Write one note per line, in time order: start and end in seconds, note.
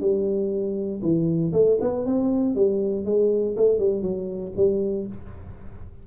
0.00 1.01 G3
1.02 1.52 E3
1.53 1.78 A3
1.80 2.05 B3
2.05 2.55 C4
2.55 3.05 G3
3.05 3.55 G#3
3.56 3.78 A3
3.78 4.02 G3
4.02 4.52 F#3
4.56 5.07 G3